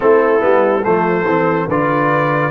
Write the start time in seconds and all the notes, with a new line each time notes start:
0.00 A3 C4 E4 A4
0.39 G3 B3
0.83 F3 A3 A4 C5
1.24 E3 C4
1.67 D3 F4 B4 D5